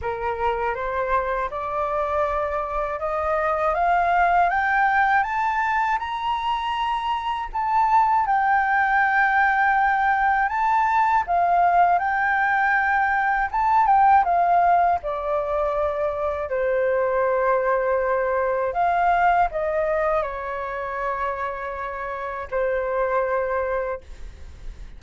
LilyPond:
\new Staff \with { instrumentName = "flute" } { \time 4/4 \tempo 4 = 80 ais'4 c''4 d''2 | dis''4 f''4 g''4 a''4 | ais''2 a''4 g''4~ | g''2 a''4 f''4 |
g''2 a''8 g''8 f''4 | d''2 c''2~ | c''4 f''4 dis''4 cis''4~ | cis''2 c''2 | }